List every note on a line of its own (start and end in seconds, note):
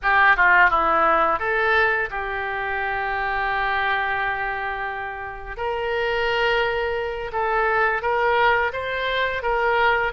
0.02 0.36 G4
0.36 0.70 F4
0.70 1.39 E4
1.39 2.09 A4
2.10 5.57 G4
5.57 7.31 A#4
7.32 8.02 A4
8.02 8.71 A#4
8.72 9.42 C5
9.42 10.12 A#4